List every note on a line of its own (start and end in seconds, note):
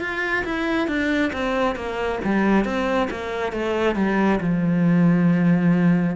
0.00 0.44 F4
0.45 0.87 E4
0.87 1.32 D4
1.32 1.75 C4
1.75 2.19 A#3
2.24 2.65 G3
2.65 3.09 C4
3.10 3.52 A#3
3.52 3.95 A3
3.95 4.39 G3
4.40 6.16 F3